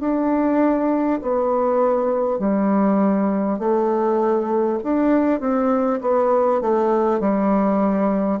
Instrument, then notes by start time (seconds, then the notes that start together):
bassoon
0.00 D4
1.21 B3
2.38 G3
3.58 A3
4.83 D4
5.39 C4
6.01 B3
6.61 A3
7.20 G3